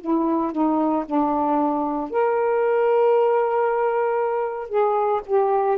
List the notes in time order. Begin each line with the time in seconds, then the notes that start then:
0.00 E4
0.52 D#4
1.06 D4
2.11 A#4
4.68 G#4
5.26 G4